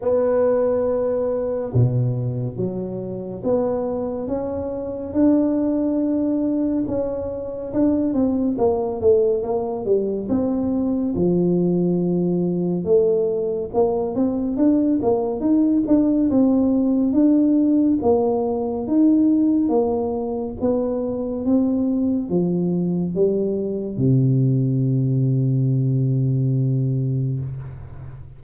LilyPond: \new Staff \with { instrumentName = "tuba" } { \time 4/4 \tempo 4 = 70 b2 b,4 fis4 | b4 cis'4 d'2 | cis'4 d'8 c'8 ais8 a8 ais8 g8 | c'4 f2 a4 |
ais8 c'8 d'8 ais8 dis'8 d'8 c'4 | d'4 ais4 dis'4 ais4 | b4 c'4 f4 g4 | c1 | }